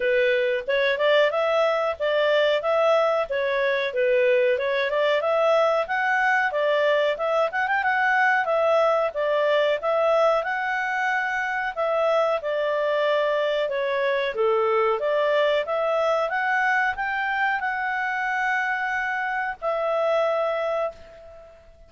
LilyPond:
\new Staff \with { instrumentName = "clarinet" } { \time 4/4 \tempo 4 = 92 b'4 cis''8 d''8 e''4 d''4 | e''4 cis''4 b'4 cis''8 d''8 | e''4 fis''4 d''4 e''8 fis''16 g''16 | fis''4 e''4 d''4 e''4 |
fis''2 e''4 d''4~ | d''4 cis''4 a'4 d''4 | e''4 fis''4 g''4 fis''4~ | fis''2 e''2 | }